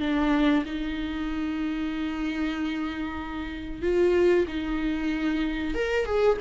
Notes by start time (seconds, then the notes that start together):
0.00 D4
0.66 D#4
3.82 F4
4.47 D#4
5.74 A#4
6.06 G#4